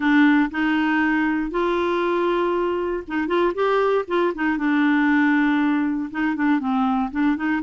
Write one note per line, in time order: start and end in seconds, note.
0.00 0.50 D4
0.50 1.50 D#4
1.50 3.03 F4
3.07 3.27 D#4
3.27 3.52 F4
3.54 4.05 G4
4.07 4.33 F4
4.34 4.57 D#4
4.57 6.10 D4
6.11 6.35 D#4
6.35 6.59 D4
6.59 7.10 C4
7.11 7.36 D4
7.36 7.61 D#4